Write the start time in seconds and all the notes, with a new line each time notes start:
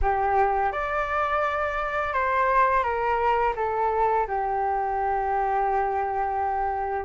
0.01 G4
0.72 D5
2.13 C5
2.83 A#4
3.56 A4
4.27 G4